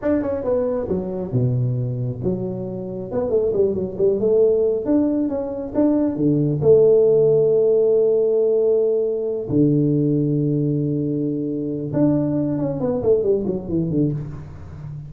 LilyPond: \new Staff \with { instrumentName = "tuba" } { \time 4/4 \tempo 4 = 136 d'8 cis'8 b4 fis4 b,4~ | b,4 fis2 b8 a8 | g8 fis8 g8 a4. d'4 | cis'4 d'4 d4 a4~ |
a1~ | a4. d2~ d8~ | d2. d'4~ | d'8 cis'8 b8 a8 g8 fis8 e8 d8 | }